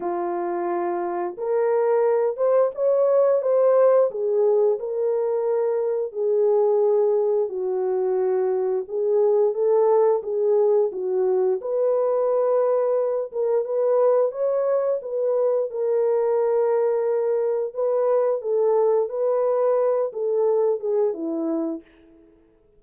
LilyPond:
\new Staff \with { instrumentName = "horn" } { \time 4/4 \tempo 4 = 88 f'2 ais'4. c''8 | cis''4 c''4 gis'4 ais'4~ | ais'4 gis'2 fis'4~ | fis'4 gis'4 a'4 gis'4 |
fis'4 b'2~ b'8 ais'8 | b'4 cis''4 b'4 ais'4~ | ais'2 b'4 a'4 | b'4. a'4 gis'8 e'4 | }